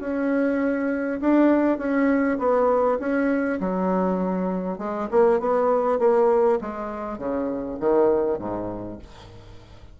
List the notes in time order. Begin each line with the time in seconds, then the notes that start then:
0.00 C#4
1.21 D4
1.78 C#4
2.38 B3
2.99 C#4
3.60 F#3
4.78 G#3
5.11 A#3
5.40 B3
5.99 A#3
6.61 G#3
7.18 C#3
7.79 D#3
8.38 G#2